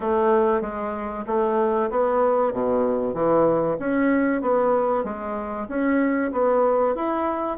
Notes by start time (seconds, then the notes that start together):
0.00 A3
0.61 G#3
1.27 A3
1.90 B3
2.52 B2
3.13 E3
3.79 C#4
4.41 B3
5.04 G#3
5.68 C#4
6.32 B3
6.95 E4